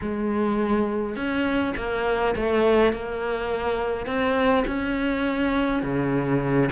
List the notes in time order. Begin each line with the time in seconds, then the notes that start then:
0.01 G#3
1.15 C#4
1.76 A#3
2.35 A3
2.93 A#3
4.06 C4
4.66 C#4
5.82 C#3